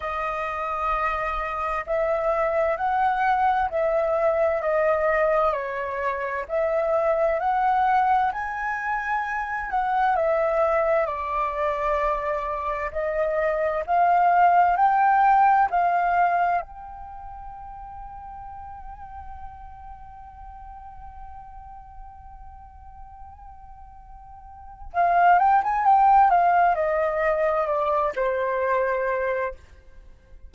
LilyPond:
\new Staff \with { instrumentName = "flute" } { \time 4/4 \tempo 4 = 65 dis''2 e''4 fis''4 | e''4 dis''4 cis''4 e''4 | fis''4 gis''4. fis''8 e''4 | d''2 dis''4 f''4 |
g''4 f''4 g''2~ | g''1~ | g''2. f''8 g''16 gis''16 | g''8 f''8 dis''4 d''8 c''4. | }